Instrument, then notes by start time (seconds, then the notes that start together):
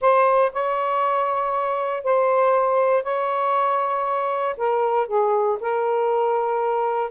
saxophone
0.01 C5
0.52 C#5
2.03 C5
3.03 C#5
4.57 A#4
5.07 G#4
5.60 A#4